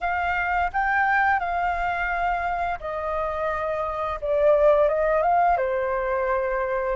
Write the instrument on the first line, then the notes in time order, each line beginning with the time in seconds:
flute
0.00 F5
0.72 G5
1.40 F5
2.79 D#5
4.21 D5
4.88 D#5
5.22 F5
5.57 C5